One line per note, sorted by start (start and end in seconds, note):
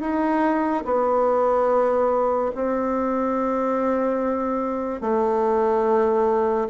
0.00 0.83 D#4
0.84 2.51 B3
2.55 5.01 C4
5.01 6.67 A3